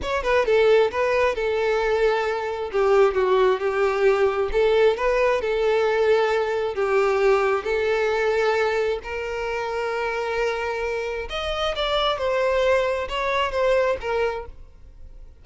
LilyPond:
\new Staff \with { instrumentName = "violin" } { \time 4/4 \tempo 4 = 133 cis''8 b'8 a'4 b'4 a'4~ | a'2 g'4 fis'4 | g'2 a'4 b'4 | a'2. g'4~ |
g'4 a'2. | ais'1~ | ais'4 dis''4 d''4 c''4~ | c''4 cis''4 c''4 ais'4 | }